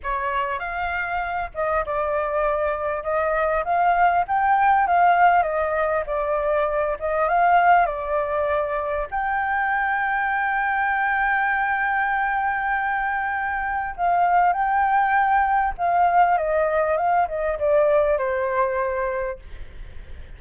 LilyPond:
\new Staff \with { instrumentName = "flute" } { \time 4/4 \tempo 4 = 99 cis''4 f''4. dis''8 d''4~ | d''4 dis''4 f''4 g''4 | f''4 dis''4 d''4. dis''8 | f''4 d''2 g''4~ |
g''1~ | g''2. f''4 | g''2 f''4 dis''4 | f''8 dis''8 d''4 c''2 | }